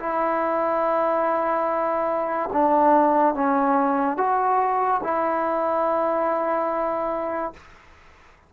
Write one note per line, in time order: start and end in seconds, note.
0.00 2.50 E4
2.53 3.35 D4
3.35 4.18 C#4
4.18 5.01 F#4
5.03 7.53 E4